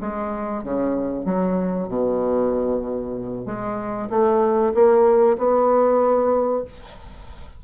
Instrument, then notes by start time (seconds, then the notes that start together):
bassoon
0.00 G#3
0.63 C#3
1.25 F#3
1.88 B2
3.46 G#3
4.10 A3
4.74 A#3
5.37 B3